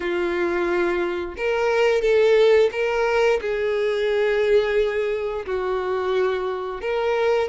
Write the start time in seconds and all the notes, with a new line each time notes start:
0.00 F4
1.37 A#4
2.01 A4
2.71 A#4
3.41 G#4
5.45 F#4
6.81 A#4